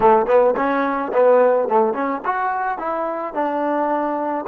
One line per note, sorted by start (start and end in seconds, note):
0.00 0.26 A3
0.26 0.54 B3
0.56 1.12 C#4
1.13 1.68 B3
1.68 1.93 A3
1.93 2.21 C#4
2.25 2.78 F#4
2.78 3.33 E4
3.34 4.45 D4